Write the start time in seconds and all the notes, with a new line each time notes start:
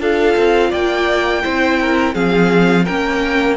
0.00 D4 F4 A4 F5
0.37 C4
0.70 A#3 D5 G5
1.43 C4 E4 C5
1.81 A#4
2.14 F3 C4 G#4 F5
2.85 A#3 C#4 A#4 G5